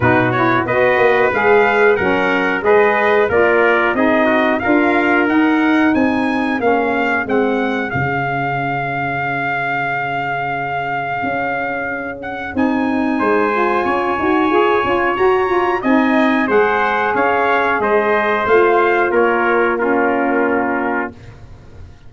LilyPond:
<<
  \new Staff \with { instrumentName = "trumpet" } { \time 4/4 \tempo 4 = 91 b'8 cis''8 dis''4 f''4 fis''4 | dis''4 d''4 dis''4 f''4 | fis''4 gis''4 f''4 fis''4 | f''1~ |
f''2~ f''8 fis''8 gis''4~ | gis''2. ais''4 | gis''4 fis''4 f''4 dis''4 | f''4 cis''4 ais'2 | }
  \new Staff \with { instrumentName = "trumpet" } { \time 4/4 fis'4 b'2 ais'4 | b'4 ais'4 gis'8 fis'8 ais'4~ | ais'4 gis'2.~ | gis'1~ |
gis'1 | c''4 cis''2. | dis''4 c''4 cis''4 c''4~ | c''4 ais'4 f'2 | }
  \new Staff \with { instrumentName = "saxophone" } { \time 4/4 dis'8 e'8 fis'4 gis'4 cis'4 | gis'4 f'4 dis'4 f'4 | dis'2 cis'4 c'4 | cis'1~ |
cis'2. dis'4~ | dis'8 f'4 fis'8 gis'8 f'8 fis'8 f'8 | dis'4 gis'2. | f'2 cis'2 | }
  \new Staff \with { instrumentName = "tuba" } { \time 4/4 b,4 b8 ais8 gis4 fis4 | gis4 ais4 c'4 d'4 | dis'4 c'4 ais4 gis4 | cis1~ |
cis4 cis'2 c'4 | gis4 cis'8 dis'8 f'8 cis'8 fis'4 | c'4 gis4 cis'4 gis4 | a4 ais2. | }
>>